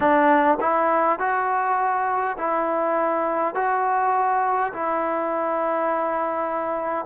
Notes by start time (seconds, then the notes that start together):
0.00 D4
0.60 E4
1.19 F#4
2.37 E4
3.55 F#4
4.73 E4